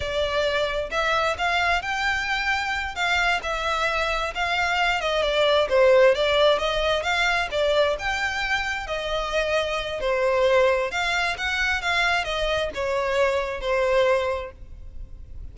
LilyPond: \new Staff \with { instrumentName = "violin" } { \time 4/4 \tempo 4 = 132 d''2 e''4 f''4 | g''2~ g''8 f''4 e''8~ | e''4. f''4. dis''8 d''8~ | d''8 c''4 d''4 dis''4 f''8~ |
f''8 d''4 g''2 dis''8~ | dis''2 c''2 | f''4 fis''4 f''4 dis''4 | cis''2 c''2 | }